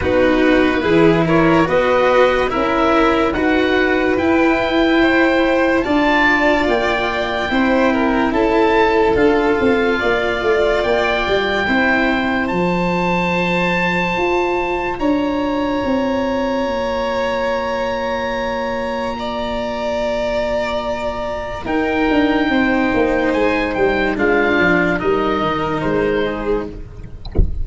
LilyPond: <<
  \new Staff \with { instrumentName = "oboe" } { \time 4/4 \tempo 4 = 72 b'4. cis''8 dis''4 e''4 | fis''4 g''2 a''4 | g''2 a''4 f''4~ | f''4 g''2 a''4~ |
a''2 ais''2~ | ais''1~ | ais''2 g''2 | gis''8 g''8 f''4 dis''4 c''4 | }
  \new Staff \with { instrumentName = "violin" } { \time 4/4 fis'4 gis'8 ais'8 b'4 ais'4 | b'2 c''4 d''4~ | d''4 c''8 ais'8 a'2 | d''2 c''2~ |
c''2 cis''2~ | cis''2. d''4~ | d''2 ais'4 c''4~ | c''4 f'4 ais'4. gis'8 | }
  \new Staff \with { instrumentName = "cello" } { \time 4/4 dis'4 e'4 fis'4 e'4 | fis'4 e'2 f'4~ | f'4 e'2 f'4~ | f'2 e'4 f'4~ |
f'1~ | f'1~ | f'2 dis'2~ | dis'4 d'4 dis'2 | }
  \new Staff \with { instrumentName = "tuba" } { \time 4/4 b4 e4 b4 cis'4 | dis'4 e'2 d'4 | ais4 c'4 cis'4 d'8 c'8 | ais8 a8 ais8 g8 c'4 f4~ |
f4 f'4 d'4 c'4 | ais1~ | ais2 dis'8 d'8 c'8 ais8 | gis8 g8 gis8 f8 g8 dis8 gis4 | }
>>